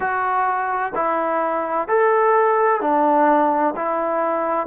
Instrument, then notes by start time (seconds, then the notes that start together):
trombone
0.00 F#4
0.95 E4
1.87 A4
2.80 D4
3.76 E4